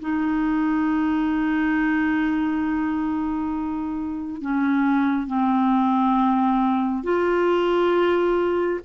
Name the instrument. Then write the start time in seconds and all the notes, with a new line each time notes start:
clarinet
0.00 D#4
4.42 C#4
5.27 C4
7.03 F4